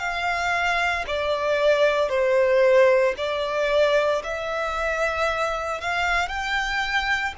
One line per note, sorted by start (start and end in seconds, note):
0.00 1.05 F5
1.07 2.10 D5
2.10 3.15 C5
3.18 4.23 D5
4.24 5.81 E5
5.81 6.29 F5
6.29 7.34 G5